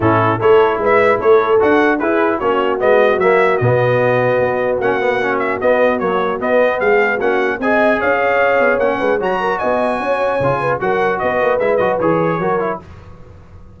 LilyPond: <<
  \new Staff \with { instrumentName = "trumpet" } { \time 4/4 \tempo 4 = 150 a'4 cis''4 e''4 cis''4 | fis''4 b'4 cis''4 dis''4 | e''4 dis''2. | fis''4. e''8 dis''4 cis''4 |
dis''4 f''4 fis''4 gis''4 | f''2 fis''4 ais''4 | gis''2. fis''4 | dis''4 e''8 dis''8 cis''2 | }
  \new Staff \with { instrumentName = "horn" } { \time 4/4 e'4 a'4 b'4 a'4~ | a'4 gis'4 fis'2~ | fis'1~ | fis'1~ |
fis'4 gis'4 fis'4 dis''4 | cis''2~ cis''8 b'8 cis''8 ais'8 | dis''4 cis''4. b'8 ais'4 | b'2. ais'4 | }
  \new Staff \with { instrumentName = "trombone" } { \time 4/4 cis'4 e'2. | fis'4 e'4 cis'4 b4 | ais4 b2. | cis'8 b8 cis'4 b4 fis4 |
b2 cis'4 gis'4~ | gis'2 cis'4 fis'4~ | fis'2 f'4 fis'4~ | fis'4 e'8 fis'8 gis'4 fis'8 e'8 | }
  \new Staff \with { instrumentName = "tuba" } { \time 4/4 a,4 a4 gis4 a4 | d'4 e'4 ais4 gis4 | fis4 b,2 b4 | ais2 b4 ais4 |
b4 gis4 ais4 c'4 | cis'4. b8 ais8 gis8 fis4 | b4 cis'4 cis4 fis4 | b8 ais8 gis8 fis8 e4 fis4 | }
>>